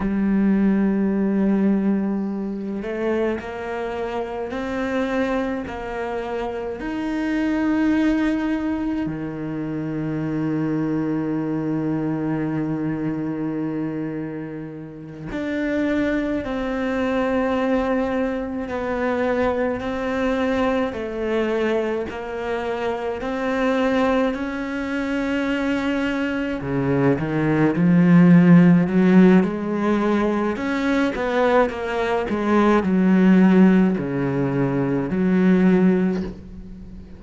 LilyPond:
\new Staff \with { instrumentName = "cello" } { \time 4/4 \tempo 4 = 53 g2~ g8 a8 ais4 | c'4 ais4 dis'2 | dis1~ | dis4. d'4 c'4.~ |
c'8 b4 c'4 a4 ais8~ | ais8 c'4 cis'2 cis8 | dis8 f4 fis8 gis4 cis'8 b8 | ais8 gis8 fis4 cis4 fis4 | }